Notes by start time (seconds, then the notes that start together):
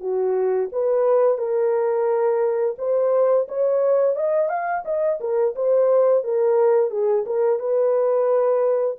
0.00 F#4
0.72 B4
1.37 A#4
2.78 C5
3.48 C#5
4.16 D#5
4.49 F5
4.85 D#5
5.20 A#4
5.55 C5
6.24 A#4
6.90 G#4
7.26 A#4
7.59 B4